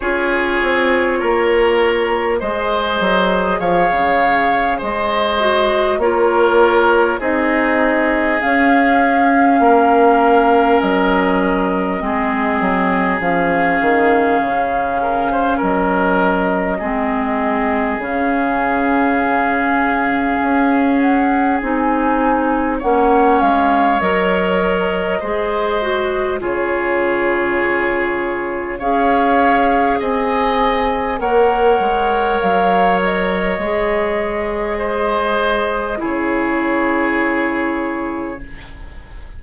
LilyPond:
<<
  \new Staff \with { instrumentName = "flute" } { \time 4/4 \tempo 4 = 50 cis''2 dis''4 f''4 | dis''4 cis''4 dis''4 f''4~ | f''4 dis''2 f''4~ | f''4 dis''2 f''4~ |
f''4. fis''8 gis''4 fis''8 f''8 | dis''2 cis''2 | f''4 gis''4 fis''4 f''8 dis''8~ | dis''2 cis''2 | }
  \new Staff \with { instrumentName = "oboe" } { \time 4/4 gis'4 ais'4 c''4 cis''4 | c''4 ais'4 gis'2 | ais'2 gis'2~ | gis'8 ais'16 c''16 ais'4 gis'2~ |
gis'2. cis''4~ | cis''4 c''4 gis'2 | cis''4 dis''4 cis''2~ | cis''4 c''4 gis'2 | }
  \new Staff \with { instrumentName = "clarinet" } { \time 4/4 f'2 gis'2~ | gis'8 fis'8 f'4 dis'4 cis'4~ | cis'2 c'4 cis'4~ | cis'2 c'4 cis'4~ |
cis'2 dis'4 cis'4 | ais'4 gis'8 fis'8 f'2 | gis'2 ais'2 | gis'2 e'2 | }
  \new Staff \with { instrumentName = "bassoon" } { \time 4/4 cis'8 c'8 ais4 gis8 fis8 f16 cis8. | gis4 ais4 c'4 cis'4 | ais4 fis4 gis8 fis8 f8 dis8 | cis4 fis4 gis4 cis4~ |
cis4 cis'4 c'4 ais8 gis8 | fis4 gis4 cis2 | cis'4 c'4 ais8 gis8 fis4 | gis2 cis2 | }
>>